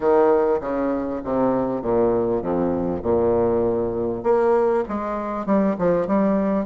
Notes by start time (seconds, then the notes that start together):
0.00 D#3
0.60 C#3
1.23 C3
1.82 A#2
2.42 F2
3.02 A#2
4.23 A#3
4.88 G#3
5.45 G3
5.78 F3
6.07 G3